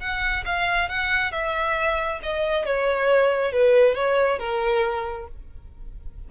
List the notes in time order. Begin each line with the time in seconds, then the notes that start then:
0.00 F#5
0.45 F5
0.89 F#5
1.32 E5
2.23 D#5
2.66 C#5
3.52 B4
3.95 C#5
4.39 A#4